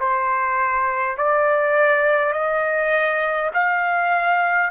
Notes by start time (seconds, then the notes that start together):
0.00 C5
1.18 D5
2.33 D#5
3.54 F5